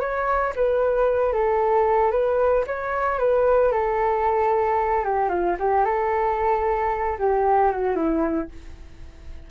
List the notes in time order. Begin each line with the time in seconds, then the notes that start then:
0.00 C#5
0.56 B4
1.33 A4
2.11 B4
2.67 C#5
3.19 B4
3.72 A4
5.04 G4
5.30 F4
5.59 G4
5.85 A4
7.19 G4
7.72 F#4
7.95 E4